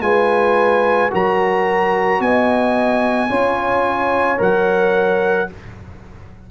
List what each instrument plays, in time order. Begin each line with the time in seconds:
0.00 tuba G#3, trombone F4, horn B4, trumpet G#5
1.10 tuba F#3, trombone F#4, horn A#4, trumpet A#5
2.19 tuba B3, horn D#5, trumpet G#5
3.29 tuba C#4, trombone F4, horn C#5
4.37 tuba F#3, trombone A#4, trumpet F#5